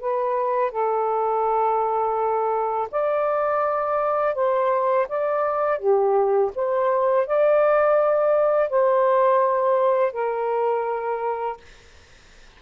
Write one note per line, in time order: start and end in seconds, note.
0.00 0.71 B4
0.71 2.88 A4
2.91 4.34 D5
4.34 5.07 C5
5.08 5.79 D5
5.79 6.51 G4
6.55 7.26 C5
7.26 8.69 D5
8.69 10.12 C5
10.12 11.57 A#4